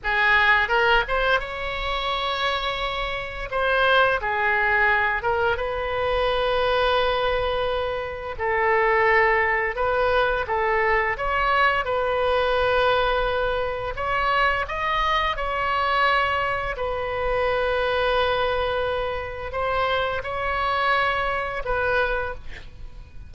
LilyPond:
\new Staff \with { instrumentName = "oboe" } { \time 4/4 \tempo 4 = 86 gis'4 ais'8 c''8 cis''2~ | cis''4 c''4 gis'4. ais'8 | b'1 | a'2 b'4 a'4 |
cis''4 b'2. | cis''4 dis''4 cis''2 | b'1 | c''4 cis''2 b'4 | }